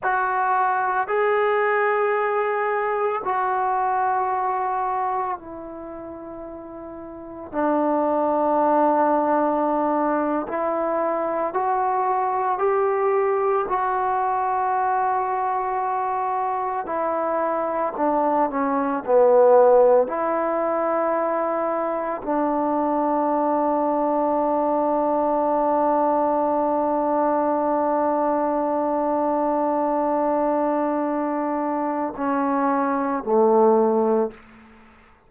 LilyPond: \new Staff \with { instrumentName = "trombone" } { \time 4/4 \tempo 4 = 56 fis'4 gis'2 fis'4~ | fis'4 e'2 d'4~ | d'4.~ d'16 e'4 fis'4 g'16~ | g'8. fis'2. e'16~ |
e'8. d'8 cis'8 b4 e'4~ e'16~ | e'8. d'2.~ d'16~ | d'1~ | d'2 cis'4 a4 | }